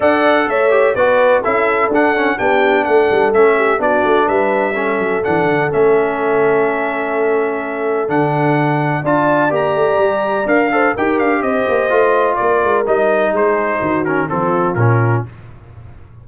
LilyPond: <<
  \new Staff \with { instrumentName = "trumpet" } { \time 4/4 \tempo 4 = 126 fis''4 e''4 d''4 e''4 | fis''4 g''4 fis''4 e''4 | d''4 e''2 fis''4 | e''1~ |
e''4 fis''2 a''4 | ais''2 f''4 g''8 f''8 | dis''2 d''4 dis''4 | c''4. ais'8 a'4 ais'4 | }
  \new Staff \with { instrumentName = "horn" } { \time 4/4 d''4 cis''4 b'4 a'4~ | a'4 g'4 a'4. g'8 | fis'4 b'4 a'2~ | a'1~ |
a'2. d''4~ | d''2~ d''8 c''8 ais'4 | c''2 ais'2 | gis'4 fis'4 f'2 | }
  \new Staff \with { instrumentName = "trombone" } { \time 4/4 a'4. g'8 fis'4 e'4 | d'8 cis'8 d'2 cis'4 | d'2 cis'4 d'4 | cis'1~ |
cis'4 d'2 f'4 | g'2 ais'8 a'8 g'4~ | g'4 f'2 dis'4~ | dis'4. cis'8 c'4 cis'4 | }
  \new Staff \with { instrumentName = "tuba" } { \time 4/4 d'4 a4 b4 cis'4 | d'4 b4 a8 g8 a4 | b8 a8 g4. fis8 e8 d8 | a1~ |
a4 d2 d'4 | ais8 a8 g4 d'4 dis'8 d'8 | c'8 ais8 a4 ais8 gis8 g4 | gis4 dis4 f4 ais,4 | }
>>